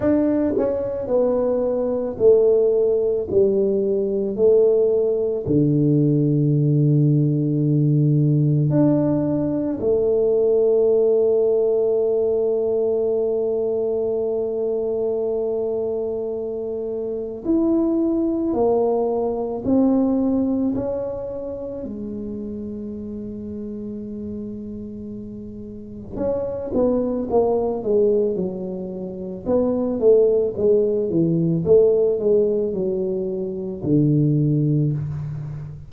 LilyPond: \new Staff \with { instrumentName = "tuba" } { \time 4/4 \tempo 4 = 55 d'8 cis'8 b4 a4 g4 | a4 d2. | d'4 a2.~ | a1 |
e'4 ais4 c'4 cis'4 | gis1 | cis'8 b8 ais8 gis8 fis4 b8 a8 | gis8 e8 a8 gis8 fis4 d4 | }